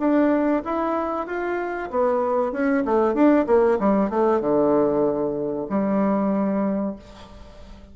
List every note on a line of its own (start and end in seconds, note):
0.00 0.63 D4
0.65 1.27 E4
1.27 1.90 F4
1.91 2.52 B3
2.52 2.84 C#4
2.85 3.14 A3
3.14 3.46 D4
3.47 3.79 A#3
3.80 4.10 G3
4.10 4.41 A3
4.41 5.67 D3
5.70 6.96 G3